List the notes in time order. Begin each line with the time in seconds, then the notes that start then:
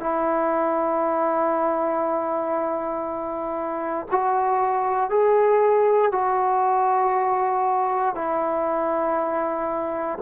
0.00 E4
4.11 F#4
5.10 G#4
6.12 F#4
8.15 E4